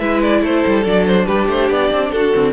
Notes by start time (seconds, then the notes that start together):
0.00 G#3 E4 B4 E5
0.23 D5
0.42 A3 A4 C5
0.67 G3
0.84 F#3 D4 D5
1.07 C5
1.26 G3 G4 B4
1.48 A3 C5
1.70 B3 D5
1.92 C4
2.11 D4 F#4 A4
2.34 D3 C4